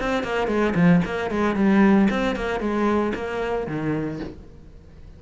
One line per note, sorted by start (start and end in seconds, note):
0.00 0.23 C4
0.23 0.48 A#3
0.48 0.74 G#3
0.75 1.01 F3
1.05 1.31 A#3
1.31 1.56 G#3
1.56 2.08 G3
2.10 2.36 C4
2.36 2.60 A#3
2.60 3.13 G#3
3.15 3.67 A#3
3.67 4.20 D#3